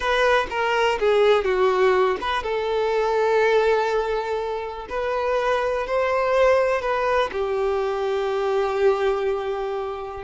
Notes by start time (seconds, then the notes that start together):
0.00 B4
0.50 A#4
0.99 G#4
1.44 F#4
2.20 B4
2.43 A4
4.89 B4
5.86 C5
6.81 B4
7.32 G4